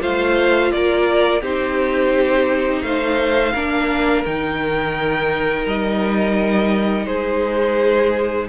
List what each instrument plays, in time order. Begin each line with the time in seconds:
0.00 cello A3, viola F4, violin C5 F5
0.72 cello A#3, violin A#4 D5
1.41 cello C4, viola D#4, violin G4 C5
2.81 cello A3, violin C5 F5
3.53 cello A#3, viola D4, violin A#4
4.25 cello D#3, viola D#4, violin G5
5.66 cello G3, violin D#5
7.06 cello G#3, violin G#4 C5